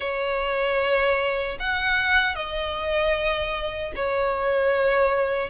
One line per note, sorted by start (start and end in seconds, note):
0.00 1.58 C#5
1.59 2.35 F#5
2.35 3.93 D#5
3.95 5.50 C#5